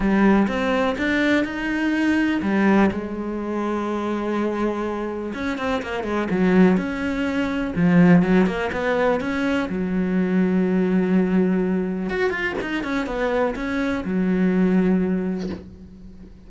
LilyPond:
\new Staff \with { instrumentName = "cello" } { \time 4/4 \tempo 4 = 124 g4 c'4 d'4 dis'4~ | dis'4 g4 gis2~ | gis2. cis'8 c'8 | ais8 gis8 fis4 cis'2 |
f4 fis8 ais8 b4 cis'4 | fis1~ | fis4 fis'8 f'8 dis'8 cis'8 b4 | cis'4 fis2. | }